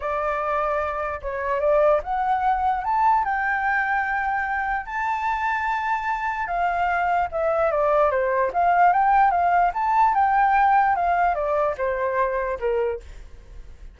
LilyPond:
\new Staff \with { instrumentName = "flute" } { \time 4/4 \tempo 4 = 148 d''2. cis''4 | d''4 fis''2 a''4 | g''1 | a''1 |
f''2 e''4 d''4 | c''4 f''4 g''4 f''4 | a''4 g''2 f''4 | d''4 c''2 ais'4 | }